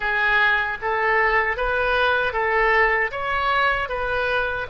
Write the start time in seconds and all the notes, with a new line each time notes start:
0.00 G#4
0.81 A4
1.57 B4
2.32 A4
3.11 C#5
3.89 B4